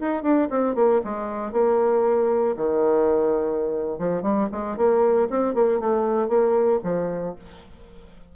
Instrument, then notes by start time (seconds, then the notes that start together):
bassoon
0.00 D#4
0.23 D4
0.50 C4
0.75 A#3
1.05 G#3
1.52 A#3
2.57 D#3
3.99 F3
4.22 G3
4.52 G#3
4.77 A#3
5.30 C4
5.54 A#3
5.80 A3
6.28 A#3
6.84 F3